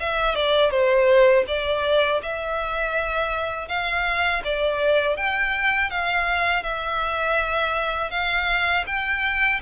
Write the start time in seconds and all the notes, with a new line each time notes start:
0.00 E5
0.35 D5
0.70 C5
1.47 D5
2.22 E5
3.68 F5
4.44 D5
5.16 G5
5.90 F5
6.63 E5
8.10 F5
8.87 G5